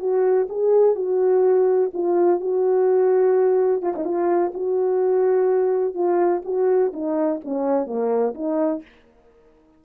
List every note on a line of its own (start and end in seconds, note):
0.00 0.48 F#4
0.49 0.96 G#4
0.96 1.91 F#4
1.94 2.41 F4
2.41 3.82 F#4
3.82 3.94 F4
3.96 4.05 D#4
4.05 4.52 F4
4.54 5.95 F#4
5.95 6.42 F4
6.45 6.93 F#4
6.93 7.41 D#4
7.45 7.87 C#4
7.87 8.34 A#3
8.35 8.82 D#4